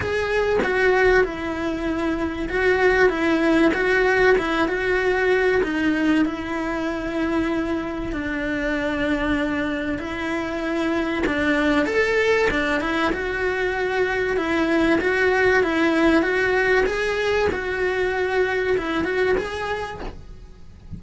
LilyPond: \new Staff \with { instrumentName = "cello" } { \time 4/4 \tempo 4 = 96 gis'4 fis'4 e'2 | fis'4 e'4 fis'4 e'8 fis'8~ | fis'4 dis'4 e'2~ | e'4 d'2. |
e'2 d'4 a'4 | d'8 e'8 fis'2 e'4 | fis'4 e'4 fis'4 gis'4 | fis'2 e'8 fis'8 gis'4 | }